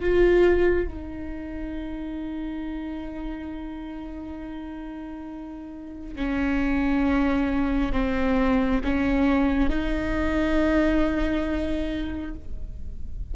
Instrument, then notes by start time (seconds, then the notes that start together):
viola
0.00 F4
0.87 D#4
6.15 C#4
7.92 C4
8.84 C#4
9.69 D#4